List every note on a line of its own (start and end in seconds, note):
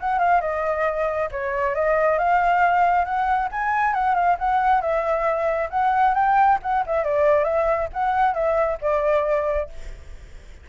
0.00 0.19 F#5
0.19 0.41 F5
0.41 1.29 D#5
1.31 1.75 C#5
1.75 2.18 D#5
2.18 3.05 F5
3.05 3.49 F#5
3.52 3.94 G#5
3.94 4.15 F#5
4.15 4.37 F5
4.39 4.81 F#5
4.81 5.69 E5
5.70 6.14 F#5
6.15 6.59 G5
6.63 6.85 F#5
6.86 7.04 E5
7.04 7.44 D5
7.44 7.88 E5
7.93 8.34 F#5
8.34 8.78 E5
8.81 9.69 D5